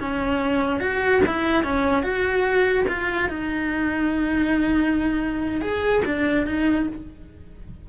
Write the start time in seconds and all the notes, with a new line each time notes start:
0.00 C#4
0.80 F#4
1.26 E4
1.64 C#4
2.03 F#4
2.88 F4
3.29 D#4
5.61 G#4
6.05 D4
6.47 D#4